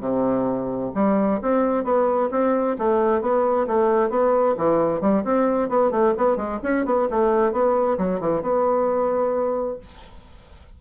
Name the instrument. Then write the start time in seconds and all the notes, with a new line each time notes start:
bassoon
0.00 C3
0.94 G3
1.41 C4
1.84 B3
2.31 C4
2.78 A3
3.21 B3
3.67 A3
4.09 B3
4.57 E3
5.01 G3
5.24 C4
5.69 B3
5.90 A3
6.17 B3
6.36 G#3
6.63 C#4
6.85 B3
7.10 A3
7.52 B3
7.98 F#3
8.20 E3
8.41 B3